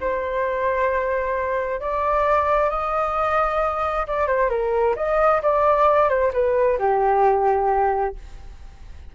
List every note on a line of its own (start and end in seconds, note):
0.00 1.80 C5
1.80 2.70 D5
2.70 4.06 D#5
4.07 4.27 D5
4.27 4.49 C5
4.49 4.95 A#4
4.96 5.41 D#5
5.42 6.09 D5
6.09 6.32 C5
6.33 6.78 B4
6.78 8.15 G4